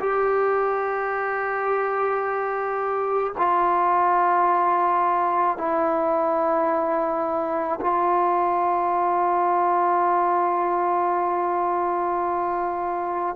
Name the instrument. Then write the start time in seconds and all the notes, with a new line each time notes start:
trombone
0.00 G4
3.37 F4
5.58 E4
7.81 F4